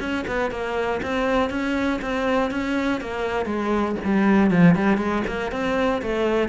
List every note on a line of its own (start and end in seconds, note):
0.00 0.25 C#4
0.27 0.51 B3
0.51 1.01 A#3
1.02 1.50 C4
1.50 2.00 C#4
2.02 2.51 C4
2.51 3.01 C#4
3.01 3.46 A#3
3.46 3.96 G#3
4.04 4.51 G3
4.51 4.75 F3
4.75 4.97 G3
4.97 5.22 G#3
5.27 5.52 A#3
5.52 6.02 C4
6.02 6.49 A3